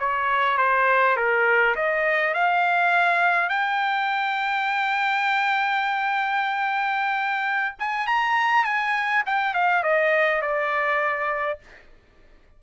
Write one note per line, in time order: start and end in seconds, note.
0.00 0.58 C#5
0.58 1.17 C5
1.17 1.75 A#4
1.76 2.34 D#5
2.34 3.49 F5
3.49 7.76 G5
7.79 8.07 G#5
8.07 8.65 A#5
8.65 9.24 G#5
9.26 9.54 G5
9.54 9.83 F5
9.83 10.42 D#5
10.42 11.59 D5